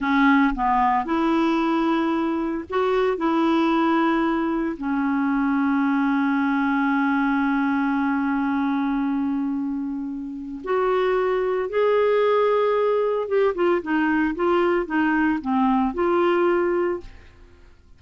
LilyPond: \new Staff \with { instrumentName = "clarinet" } { \time 4/4 \tempo 4 = 113 cis'4 b4 e'2~ | e'4 fis'4 e'2~ | e'4 cis'2.~ | cis'1~ |
cis'1 | fis'2 gis'2~ | gis'4 g'8 f'8 dis'4 f'4 | dis'4 c'4 f'2 | }